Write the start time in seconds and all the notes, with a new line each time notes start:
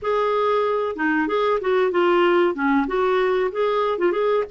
0.02 G#4
0.95 D#4
1.27 G#4
1.60 F#4
1.91 F4
2.54 C#4
2.87 F#4
3.51 G#4
3.98 F4
4.12 G#4